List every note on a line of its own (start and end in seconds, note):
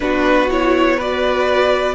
0.00 1.94 B3
0.00 0.48 D4
0.00 0.96 F#4
0.00 0.49 B4
0.50 0.99 E4
0.50 1.00 C#5
0.96 1.94 F#4
0.96 1.94 B4
0.96 1.94 D5